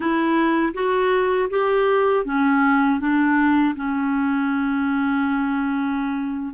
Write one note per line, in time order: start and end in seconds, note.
0.00 0.73 E4
0.74 1.49 F#4
1.50 2.25 G4
2.25 3.00 C#4
3.00 3.75 D4
3.75 6.54 C#4